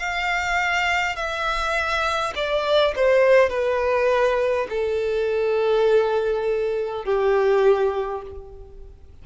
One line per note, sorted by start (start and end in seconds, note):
0.00 1.16 F5
1.16 2.34 E5
2.36 2.95 D5
2.96 3.50 C5
3.50 4.67 B4
4.70 7.05 A4
7.05 8.22 G4